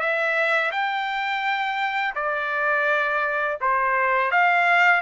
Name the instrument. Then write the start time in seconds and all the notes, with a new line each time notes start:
trumpet
0.00 E5
0.72 G5
2.16 D5
3.61 C5
4.31 F5